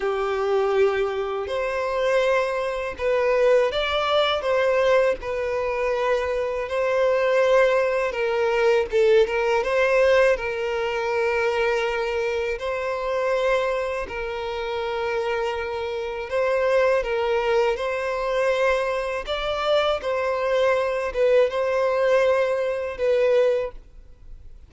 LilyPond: \new Staff \with { instrumentName = "violin" } { \time 4/4 \tempo 4 = 81 g'2 c''2 | b'4 d''4 c''4 b'4~ | b'4 c''2 ais'4 | a'8 ais'8 c''4 ais'2~ |
ais'4 c''2 ais'4~ | ais'2 c''4 ais'4 | c''2 d''4 c''4~ | c''8 b'8 c''2 b'4 | }